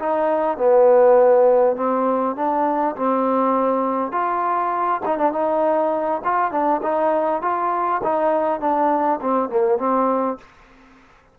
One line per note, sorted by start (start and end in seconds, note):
0.00 0.58 D#4
0.58 1.77 B3
1.77 2.36 C4
2.36 2.96 D4
2.96 4.12 C4
4.12 5.01 F4
5.06 5.18 D#4
5.18 5.32 D4
5.32 6.22 D#4
6.25 6.52 F4
6.52 6.82 D4
6.83 7.42 D#4
7.42 8.02 F4
8.04 8.61 D#4
8.61 9.20 D4
9.21 9.50 C4
9.50 9.79 A#3
9.79 10.38 C4